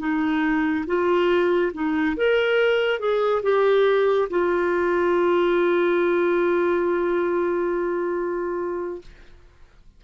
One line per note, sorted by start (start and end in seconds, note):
0.00 0.86 D#4
0.87 1.73 F4
1.74 2.17 D#4
2.17 3.00 A#4
3.00 3.43 G#4
3.43 4.29 G4
4.31 9.02 F4